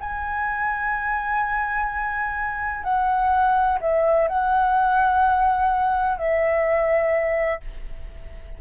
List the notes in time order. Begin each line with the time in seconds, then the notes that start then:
0.00 G#5
2.84 F#5
3.81 E5
4.28 F#5
6.18 E5